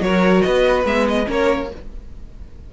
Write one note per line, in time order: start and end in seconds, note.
0.00 0.42 F#3
0.00 0.84 F#4
0.00 0.46 A#4
0.00 0.41 C#5
0.41 0.84 B3
0.41 1.28 B4
0.41 0.83 D#5
0.84 1.26 G#3
0.84 1.25 B3
0.84 1.08 E5
1.08 1.29 D#5
1.25 1.71 A#3
1.25 1.67 C#4
1.25 1.70 A#4
1.32 1.73 C#5